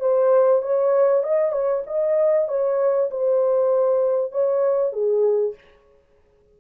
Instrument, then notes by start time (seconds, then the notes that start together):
horn
0.00 C5
0.62 C#5
1.23 D#5
1.52 C#5
1.86 D#5
2.48 C#5
3.11 C5
4.32 C#5
4.93 G#4